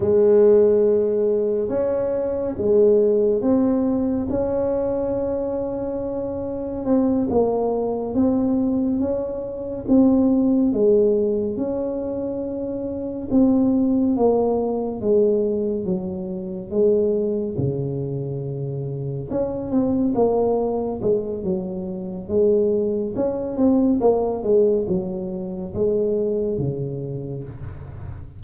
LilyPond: \new Staff \with { instrumentName = "tuba" } { \time 4/4 \tempo 4 = 70 gis2 cis'4 gis4 | c'4 cis'2. | c'8 ais4 c'4 cis'4 c'8~ | c'8 gis4 cis'2 c'8~ |
c'8 ais4 gis4 fis4 gis8~ | gis8 cis2 cis'8 c'8 ais8~ | ais8 gis8 fis4 gis4 cis'8 c'8 | ais8 gis8 fis4 gis4 cis4 | }